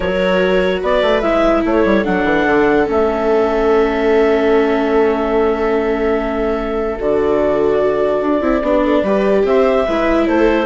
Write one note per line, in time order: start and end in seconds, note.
0.00 0.82 F#3
0.00 1.22 F#4
0.00 0.81 A#4
0.00 0.82 C#5
0.81 1.02 B3
0.81 1.63 B4
0.81 1.21 D5
1.02 1.22 A3
1.21 1.63 G#3
1.21 2.04 E4
1.21 1.62 E5
1.65 1.84 A3
1.65 8.62 A4
1.65 2.04 C#5
1.84 2.05 G3
2.04 2.24 F#3
2.04 2.86 D4
2.04 2.87 F#5
2.24 2.45 E3
2.46 2.87 D3
2.86 6.99 A3
2.86 6.97 C#4
2.86 7.00 E5
7.00 8.20 D3
7.00 8.41 F#4
7.00 9.46 D5
8.20 8.41 D4
8.41 8.61 C4
8.41 8.62 E4
8.61 9.02 B3
8.61 9.05 D4
8.61 8.82 G4
8.82 9.02 A4
9.02 9.43 G3
9.02 9.87 G4
9.02 9.43 B4
9.43 9.85 C4
9.43 9.85 C5
9.43 10.27 E5
9.85 10.27 G#3
9.85 10.66 E4
9.85 10.26 B4
10.27 10.66 A3
10.27 10.66 A4
10.27 10.66 C5